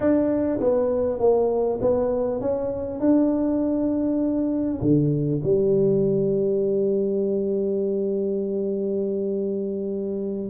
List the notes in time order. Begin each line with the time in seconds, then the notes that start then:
0.00 D4
0.60 B3
1.19 A#3
1.81 B3
2.40 C#4
2.99 D4
4.81 D3
5.43 G3